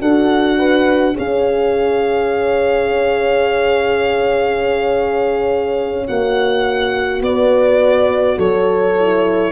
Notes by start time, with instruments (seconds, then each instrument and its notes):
0.00 tuba D4, horn F#4 A4, violin F#5
0.59 horn B4
1.15 tuba C#4, horn G#4 C#5, violin F5
6.07 tuba A#3, horn F#4, violin F#5
7.22 tuba B3, horn B4, violin D5
8.38 tuba F#3, horn A4, violin C#5
8.99 horn E4